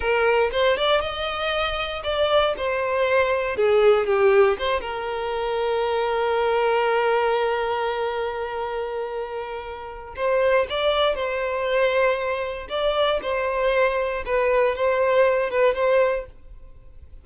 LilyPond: \new Staff \with { instrumentName = "violin" } { \time 4/4 \tempo 4 = 118 ais'4 c''8 d''8 dis''2 | d''4 c''2 gis'4 | g'4 c''8 ais'2~ ais'8~ | ais'1~ |
ais'1 | c''4 d''4 c''2~ | c''4 d''4 c''2 | b'4 c''4. b'8 c''4 | }